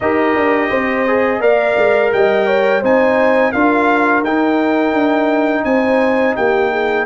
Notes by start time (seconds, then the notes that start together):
0.00 D#4 G4 A#4 D#5
0.35 D4
0.69 C4 C5
1.07 G#4
1.40 A#3 A#4 D5 F5
1.77 G#3
2.12 G3 D#5 G5
2.46 C#5
2.80 C4 D#4 C5 G#5
3.52 D4 F4 A#4 F5
4.22 D#4 G5
4.93 D4
5.64 C4 C5 G#5
6.35 A#3 G4 G5
6.70 G#4